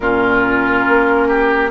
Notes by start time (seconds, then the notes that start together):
0.00 A#2 C#4 F4 A#4
0.88 A#3
1.27 G4